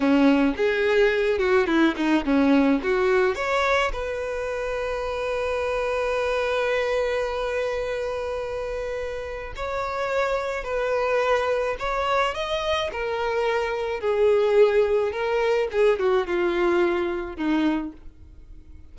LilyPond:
\new Staff \with { instrumentName = "violin" } { \time 4/4 \tempo 4 = 107 cis'4 gis'4. fis'8 e'8 dis'8 | cis'4 fis'4 cis''4 b'4~ | b'1~ | b'1~ |
b'4 cis''2 b'4~ | b'4 cis''4 dis''4 ais'4~ | ais'4 gis'2 ais'4 | gis'8 fis'8 f'2 dis'4 | }